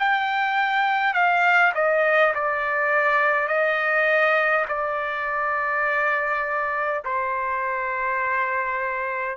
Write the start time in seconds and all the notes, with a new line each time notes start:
0.00 G5
1.14 F5
1.75 D#5
2.35 D5
3.48 D#5
4.68 D5
7.05 C5